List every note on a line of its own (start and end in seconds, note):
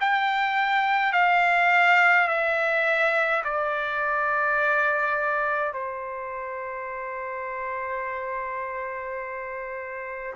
0.00 1.12 G5
1.12 2.27 F5
2.27 3.42 E5
3.44 5.73 D5
5.73 10.35 C5